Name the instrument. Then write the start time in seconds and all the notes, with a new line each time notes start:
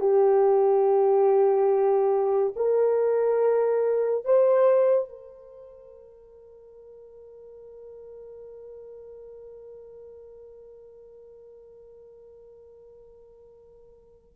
horn
0.00 G4
2.56 A#4
4.24 C5
5.09 A#4